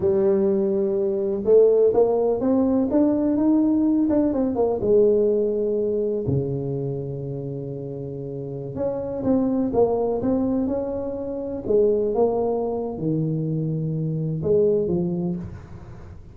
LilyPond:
\new Staff \with { instrumentName = "tuba" } { \time 4/4 \tempo 4 = 125 g2. a4 | ais4 c'4 d'4 dis'4~ | dis'8 d'8 c'8 ais8 gis2~ | gis4 cis2.~ |
cis2~ cis16 cis'4 c'8.~ | c'16 ais4 c'4 cis'4.~ cis'16~ | cis'16 gis4 ais4.~ ais16 dis4~ | dis2 gis4 f4 | }